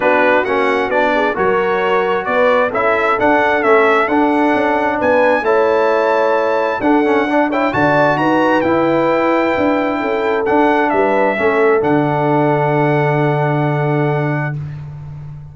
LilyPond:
<<
  \new Staff \with { instrumentName = "trumpet" } { \time 4/4 \tempo 4 = 132 b'4 fis''4 d''4 cis''4~ | cis''4 d''4 e''4 fis''4 | e''4 fis''2 gis''4 | a''2. fis''4~ |
fis''8 g''8 a''4 ais''4 g''4~ | g''2. fis''4 | e''2 fis''2~ | fis''1 | }
  \new Staff \with { instrumentName = "horn" } { \time 4/4 fis'2~ fis'8 gis'8 ais'4~ | ais'4 b'4 a'2~ | a'2. b'4 | cis''2. a'4 |
d''8 cis''8 d''4 b'2~ | b'2 a'2 | b'4 a'2.~ | a'1 | }
  \new Staff \with { instrumentName = "trombone" } { \time 4/4 d'4 cis'4 d'4 fis'4~ | fis'2 e'4 d'4 | cis'4 d'2. | e'2. d'8 cis'8 |
d'8 e'8 fis'2 e'4~ | e'2. d'4~ | d'4 cis'4 d'2~ | d'1 | }
  \new Staff \with { instrumentName = "tuba" } { \time 4/4 b4 ais4 b4 fis4~ | fis4 b4 cis'4 d'4 | a4 d'4 cis'4 b4 | a2. d'4~ |
d'4 d4 dis'4 e'4~ | e'4 d'4 cis'4 d'4 | g4 a4 d2~ | d1 | }
>>